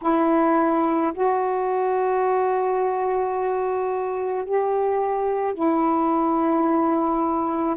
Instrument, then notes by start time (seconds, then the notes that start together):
saxophone
0.01 E4
1.13 F#4
4.44 G4
5.54 E4